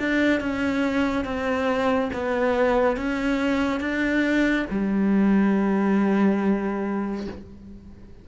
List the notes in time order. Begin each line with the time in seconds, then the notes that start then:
0.00 D4
0.41 C#4
1.25 C4
2.14 B3
2.97 C#4
3.80 D4
4.70 G3